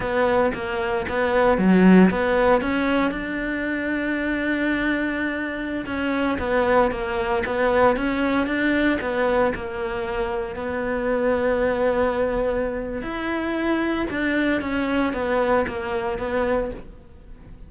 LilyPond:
\new Staff \with { instrumentName = "cello" } { \time 4/4 \tempo 4 = 115 b4 ais4 b4 fis4 | b4 cis'4 d'2~ | d'2.~ d'16 cis'8.~ | cis'16 b4 ais4 b4 cis'8.~ |
cis'16 d'4 b4 ais4.~ ais16~ | ais16 b2.~ b8.~ | b4 e'2 d'4 | cis'4 b4 ais4 b4 | }